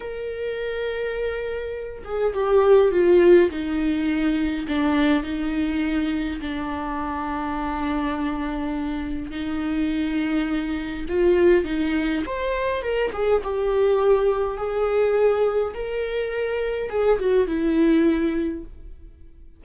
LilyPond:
\new Staff \with { instrumentName = "viola" } { \time 4/4 \tempo 4 = 103 ais'2.~ ais'8 gis'8 | g'4 f'4 dis'2 | d'4 dis'2 d'4~ | d'1 |
dis'2. f'4 | dis'4 c''4 ais'8 gis'8 g'4~ | g'4 gis'2 ais'4~ | ais'4 gis'8 fis'8 e'2 | }